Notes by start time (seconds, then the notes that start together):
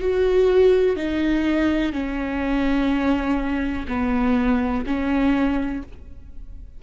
0.00 F#4
0.96 D#4
1.92 C#4
3.88 B3
4.86 C#4